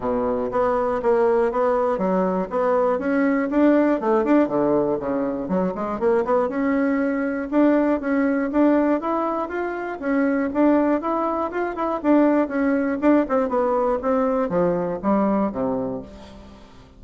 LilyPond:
\new Staff \with { instrumentName = "bassoon" } { \time 4/4 \tempo 4 = 120 b,4 b4 ais4 b4 | fis4 b4 cis'4 d'4 | a8 d'8 d4 cis4 fis8 gis8 | ais8 b8 cis'2 d'4 |
cis'4 d'4 e'4 f'4 | cis'4 d'4 e'4 f'8 e'8 | d'4 cis'4 d'8 c'8 b4 | c'4 f4 g4 c4 | }